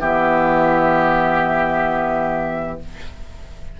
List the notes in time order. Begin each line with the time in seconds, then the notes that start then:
0.00 E3 B3 G4 E5